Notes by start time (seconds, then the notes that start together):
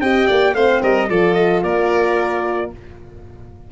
0.00 C4 G4 D#5 G5
0.26 A#3 D5
0.53 A3 C4 C5 F5
0.82 G3 A#4 D#5
1.08 F3 F4 A4 D5
1.33 D#5
1.62 A#3 A#4 D5